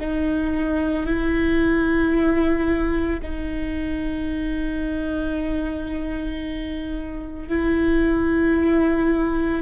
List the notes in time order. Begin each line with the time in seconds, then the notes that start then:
0.00 D#4
1.06 E4
3.23 D#4
7.49 E4